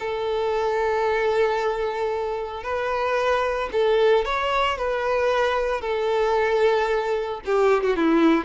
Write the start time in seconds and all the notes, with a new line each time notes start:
0.00 A4
2.64 B4
3.73 A4
4.25 C#5
4.78 B4
5.81 A4
7.46 G4
7.84 F#4
7.97 E4